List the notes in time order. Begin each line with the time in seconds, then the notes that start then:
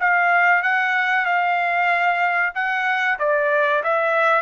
0.00 F5
0.62 F#5
1.25 F5
2.54 F#5
3.19 D5
3.83 E5